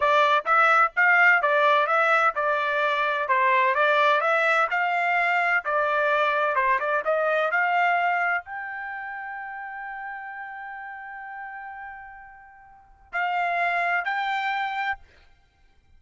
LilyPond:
\new Staff \with { instrumentName = "trumpet" } { \time 4/4 \tempo 4 = 128 d''4 e''4 f''4 d''4 | e''4 d''2 c''4 | d''4 e''4 f''2 | d''2 c''8 d''8 dis''4 |
f''2 g''2~ | g''1~ | g''1 | f''2 g''2 | }